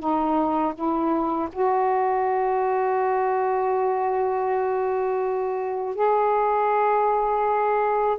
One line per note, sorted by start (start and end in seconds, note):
0.00 0.74 D#4
0.75 1.49 E4
1.53 5.96 F#4
5.96 8.18 G#4